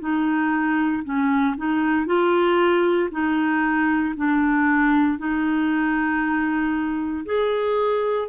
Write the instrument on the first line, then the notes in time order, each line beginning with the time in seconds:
clarinet
0.00 D#4
1.04 C#4
1.58 D#4
2.06 F4
3.11 D#4
4.17 D4
5.19 D#4
7.26 G#4